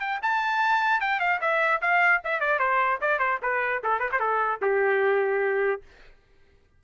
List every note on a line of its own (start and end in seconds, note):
0.00 0.20 G5
0.22 1.01 A5
1.01 1.20 G5
1.20 1.40 F5
1.41 1.81 E5
1.81 2.21 F5
2.24 2.40 E5
2.40 2.59 D5
2.59 2.99 C5
3.01 3.19 D5
3.19 3.39 C5
3.42 3.82 B4
3.83 3.99 A4
3.99 4.09 B4
4.12 4.20 C5
4.20 4.60 A4
4.62 5.82 G4